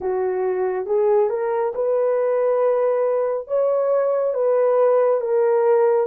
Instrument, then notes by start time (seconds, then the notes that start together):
horn
0.00 F#4
0.86 G#4
1.29 A#4
1.74 B4
3.47 C#5
4.34 B4
5.21 A#4